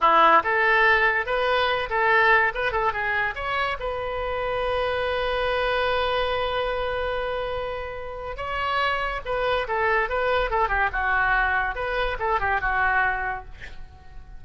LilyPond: \new Staff \with { instrumentName = "oboe" } { \time 4/4 \tempo 4 = 143 e'4 a'2 b'4~ | b'8 a'4. b'8 a'8 gis'4 | cis''4 b'2.~ | b'1~ |
b'1 | cis''2 b'4 a'4 | b'4 a'8 g'8 fis'2 | b'4 a'8 g'8 fis'2 | }